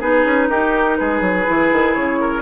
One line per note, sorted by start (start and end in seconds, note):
0.00 0.25 B3
0.00 1.46 D#4
0.00 0.48 G#4
0.00 0.49 B4
0.25 0.49 C#4
0.49 0.98 D#4
0.49 0.98 G4
0.49 0.97 A#4
0.97 1.21 G#3
0.97 2.20 G#4
0.97 1.94 B4
1.21 1.45 F#3
1.46 1.72 E3
1.46 2.42 E4
1.72 1.96 D#3
1.94 2.42 C#3
1.94 2.42 C#5
2.20 2.42 A#4